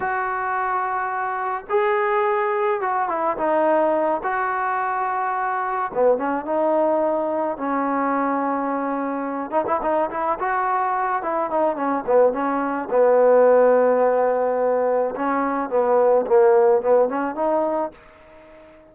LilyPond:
\new Staff \with { instrumentName = "trombone" } { \time 4/4 \tempo 4 = 107 fis'2. gis'4~ | gis'4 fis'8 e'8 dis'4. fis'8~ | fis'2~ fis'8 b8 cis'8 dis'8~ | dis'4. cis'2~ cis'8~ |
cis'4 dis'16 e'16 dis'8 e'8 fis'4. | e'8 dis'8 cis'8 b8 cis'4 b4~ | b2. cis'4 | b4 ais4 b8 cis'8 dis'4 | }